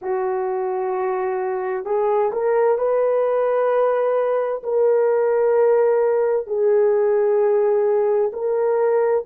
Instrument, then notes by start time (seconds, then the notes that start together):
horn
0.01 F#4
1.85 G#4
2.32 A#4
2.77 B4
4.63 A#4
6.46 G#4
8.32 A#4